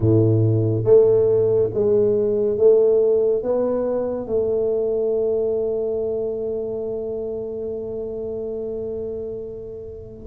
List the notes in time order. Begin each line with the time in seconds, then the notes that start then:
0.00 A2
0.84 A3
1.73 G#3
2.57 A3
3.42 B3
4.26 A3